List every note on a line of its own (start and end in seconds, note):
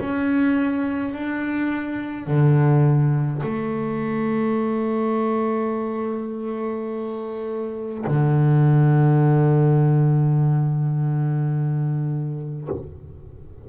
0.00 1.14 C#4
1.14 2.27 D4
2.27 3.42 D3
3.44 8.05 A3
8.08 12.69 D3